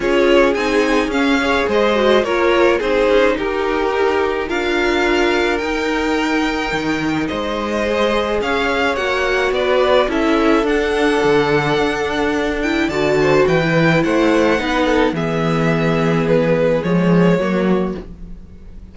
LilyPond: <<
  \new Staff \with { instrumentName = "violin" } { \time 4/4 \tempo 4 = 107 cis''4 gis''4 f''4 dis''4 | cis''4 c''4 ais'2 | f''2 g''2~ | g''4 dis''2 f''4 |
fis''4 d''4 e''4 fis''4~ | fis''2~ fis''8 g''8 a''4 | g''4 fis''2 e''4~ | e''4 b'4 cis''2 | }
  \new Staff \with { instrumentName = "violin" } { \time 4/4 gis'2~ gis'8 cis''8 c''4 | ais'4 gis'4 g'2 | ais'1~ | ais'4 c''2 cis''4~ |
cis''4 b'4 a'2~ | a'2. d''8 c''8 | b'4 c''4 b'8 a'8 gis'4~ | gis'2. fis'4 | }
  \new Staff \with { instrumentName = "viola" } { \time 4/4 f'4 dis'4 cis'8 gis'4 fis'8 | f'4 dis'2. | f'2 dis'2~ | dis'2 gis'2 |
fis'2 e'4 d'4~ | d'2~ d'8 e'8 fis'4~ | fis'16 e'4.~ e'16 dis'4 b4~ | b2 gis4 ais4 | }
  \new Staff \with { instrumentName = "cello" } { \time 4/4 cis'4 c'4 cis'4 gis4 | ais4 c'8 cis'8 dis'2 | d'2 dis'2 | dis4 gis2 cis'4 |
ais4 b4 cis'4 d'4 | d4 d'2 d4 | e4 a4 b4 e4~ | e2 f4 fis4 | }
>>